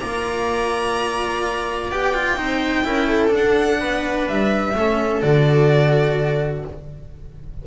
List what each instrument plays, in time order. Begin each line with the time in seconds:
0.00 double bass A#3, cello F4, viola D5, violin A#5
1.91 double bass B3, cello G4, violin G5
2.14 cello F4
2.37 double bass C4, cello D#4, viola C5
2.84 double bass C#4, cello E4, viola A#4
3.08 viola A4
3.28 cello D4, double bass D4
3.35 violin F#5
3.80 double bass B3, viola B4
4.28 double bass G3, violin E5
4.75 double bass A3, cello C#4, viola A4
5.22 double bass D3, cello F#4, violin D5